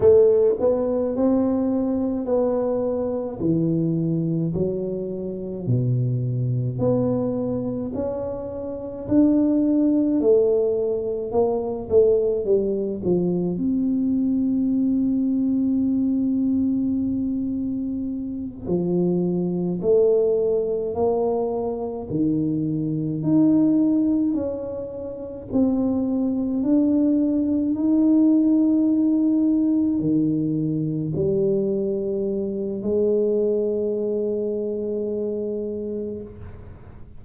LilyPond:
\new Staff \with { instrumentName = "tuba" } { \time 4/4 \tempo 4 = 53 a8 b8 c'4 b4 e4 | fis4 b,4 b4 cis'4 | d'4 a4 ais8 a8 g8 f8 | c'1~ |
c'8 f4 a4 ais4 dis8~ | dis8 dis'4 cis'4 c'4 d'8~ | d'8 dis'2 dis4 g8~ | g4 gis2. | }